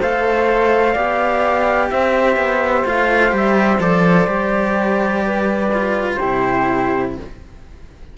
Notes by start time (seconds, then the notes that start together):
0.00 A3 A4 C5 F5
0.93 B3 G4 D5
1.91 C4 C5 E5
2.37 B3
2.85 A3 F4 F5
3.30 G3 G4
3.37 E5
3.79 F3 A4 D5
4.27 G3 G4
5.26 B4
5.74 F4
6.15 E4 G4 C5
6.23 C3